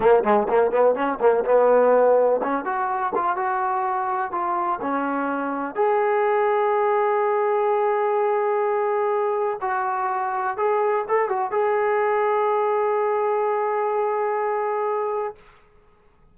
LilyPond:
\new Staff \with { instrumentName = "trombone" } { \time 4/4 \tempo 4 = 125 ais8 gis8 ais8 b8 cis'8 ais8 b4~ | b4 cis'8 fis'4 f'8 fis'4~ | fis'4 f'4 cis'2 | gis'1~ |
gis'1 | fis'2 gis'4 a'8 fis'8 | gis'1~ | gis'1 | }